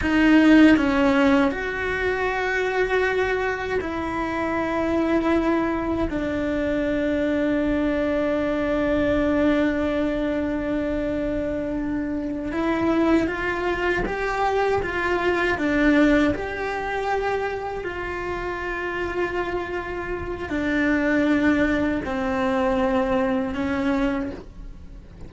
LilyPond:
\new Staff \with { instrumentName = "cello" } { \time 4/4 \tempo 4 = 79 dis'4 cis'4 fis'2~ | fis'4 e'2. | d'1~ | d'1~ |
d'8 e'4 f'4 g'4 f'8~ | f'8 d'4 g'2 f'8~ | f'2. d'4~ | d'4 c'2 cis'4 | }